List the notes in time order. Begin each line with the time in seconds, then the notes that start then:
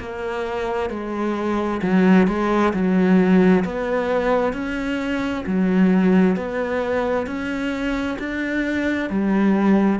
0.00 A#3
0.90 G#3
1.82 F#3
2.28 G#3
2.74 F#3
3.65 B3
4.53 C#4
5.46 F#3
6.36 B3
7.27 C#4
8.19 D4
9.10 G3